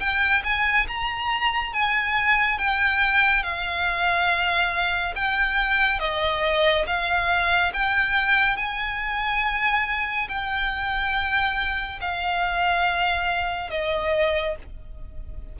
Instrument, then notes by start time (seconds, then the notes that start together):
violin
0.00 G5
0.44 G#5
0.88 A#5
1.73 G#5
2.59 G5
3.43 F5
5.16 G5
6.00 D#5
6.87 F5
7.74 G5
8.57 G#5
10.29 G5
12.02 F5
13.71 D#5